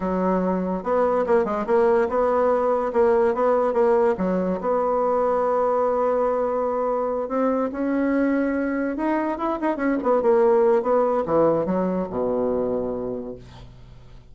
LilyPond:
\new Staff \with { instrumentName = "bassoon" } { \time 4/4 \tempo 4 = 144 fis2 b4 ais8 gis8 | ais4 b2 ais4 | b4 ais4 fis4 b4~ | b1~ |
b4. c'4 cis'4.~ | cis'4. dis'4 e'8 dis'8 cis'8 | b8 ais4. b4 e4 | fis4 b,2. | }